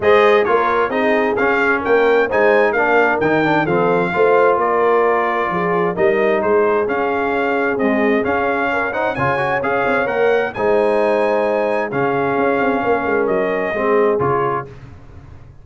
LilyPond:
<<
  \new Staff \with { instrumentName = "trumpet" } { \time 4/4 \tempo 4 = 131 dis''4 cis''4 dis''4 f''4 | g''4 gis''4 f''4 g''4 | f''2 d''2~ | d''4 dis''4 c''4 f''4~ |
f''4 dis''4 f''4. fis''8 | gis''4 f''4 fis''4 gis''4~ | gis''2 f''2~ | f''4 dis''2 cis''4 | }
  \new Staff \with { instrumentName = "horn" } { \time 4/4 c''4 ais'4 gis'2 | ais'4 c''4 ais'2 | a'4 c''4 ais'2 | gis'4 ais'4 gis'2~ |
gis'2. ais'8 c''8 | cis''2. c''4~ | c''2 gis'2 | ais'2 gis'2 | }
  \new Staff \with { instrumentName = "trombone" } { \time 4/4 gis'4 f'4 dis'4 cis'4~ | cis'4 dis'4 d'4 dis'8 d'8 | c'4 f'2.~ | f'4 dis'2 cis'4~ |
cis'4 gis4 cis'4. dis'8 | f'8 fis'8 gis'4 ais'4 dis'4~ | dis'2 cis'2~ | cis'2 c'4 f'4 | }
  \new Staff \with { instrumentName = "tuba" } { \time 4/4 gis4 ais4 c'4 cis'4 | ais4 gis4 ais4 dis4 | f4 a4 ais2 | f4 g4 gis4 cis'4~ |
cis'4 c'4 cis'2 | cis4 cis'8 c'8 ais4 gis4~ | gis2 cis4 cis'8 c'8 | ais8 gis8 fis4 gis4 cis4 | }
>>